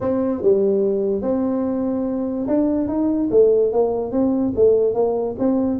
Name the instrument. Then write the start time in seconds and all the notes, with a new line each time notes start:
tuba
0.01 C4
0.42 G3
1.22 C4
2.47 D4
2.88 D#4
3.30 A3
3.72 A#3
4.11 C4
4.55 A3
4.94 A#3
5.38 C4